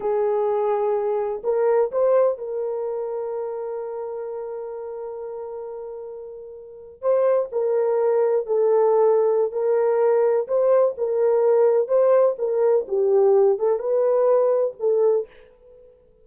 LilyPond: \new Staff \with { instrumentName = "horn" } { \time 4/4 \tempo 4 = 126 gis'2. ais'4 | c''4 ais'2.~ | ais'1~ | ais'2~ ais'8. c''4 ais'16~ |
ais'4.~ ais'16 a'2~ a'16 | ais'2 c''4 ais'4~ | ais'4 c''4 ais'4 g'4~ | g'8 a'8 b'2 a'4 | }